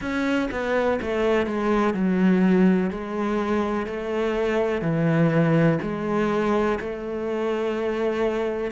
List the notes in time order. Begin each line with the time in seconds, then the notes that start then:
0.00 C#4
0.51 B3
1.01 A3
1.46 G#3
1.94 F#3
2.90 G#3
3.86 A3
4.81 E3
5.82 G#3
6.80 A3